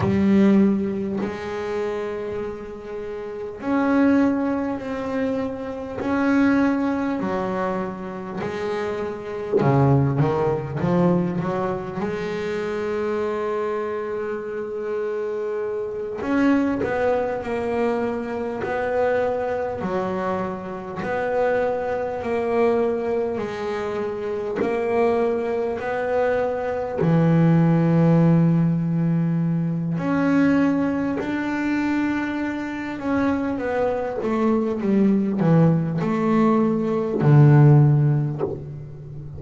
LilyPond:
\new Staff \with { instrumentName = "double bass" } { \time 4/4 \tempo 4 = 50 g4 gis2 cis'4 | c'4 cis'4 fis4 gis4 | cis8 dis8 f8 fis8 gis2~ | gis4. cis'8 b8 ais4 b8~ |
b8 fis4 b4 ais4 gis8~ | gis8 ais4 b4 e4.~ | e4 cis'4 d'4. cis'8 | b8 a8 g8 e8 a4 d4 | }